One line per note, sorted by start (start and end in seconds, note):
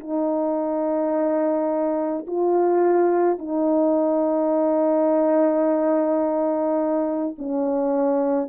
0.00 2.26 D#4
2.27 3.39 F4
3.39 7.35 D#4
7.38 8.50 C#4